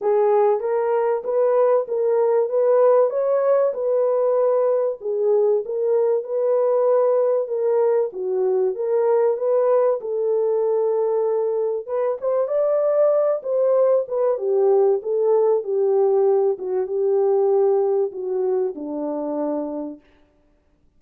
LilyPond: \new Staff \with { instrumentName = "horn" } { \time 4/4 \tempo 4 = 96 gis'4 ais'4 b'4 ais'4 | b'4 cis''4 b'2 | gis'4 ais'4 b'2 | ais'4 fis'4 ais'4 b'4 |
a'2. b'8 c''8 | d''4. c''4 b'8 g'4 | a'4 g'4. fis'8 g'4~ | g'4 fis'4 d'2 | }